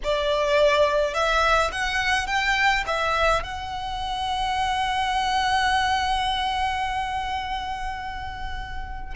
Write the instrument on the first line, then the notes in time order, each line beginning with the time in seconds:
violin
0.03 D5
1.14 E5
1.72 F#5
2.26 G5
2.86 E5
3.43 F#5